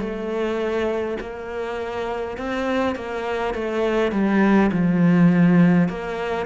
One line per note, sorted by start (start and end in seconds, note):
0.00 1.18 A3
1.20 2.37 A#3
2.37 2.96 C4
2.96 3.55 A#3
3.55 4.12 A3
4.12 4.71 G3
4.72 5.89 F3
5.89 6.46 A#3